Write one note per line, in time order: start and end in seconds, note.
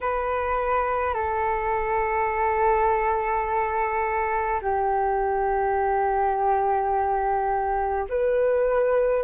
0.01 1.14 B4
1.14 4.60 A4
4.61 8.07 G4
8.09 9.23 B4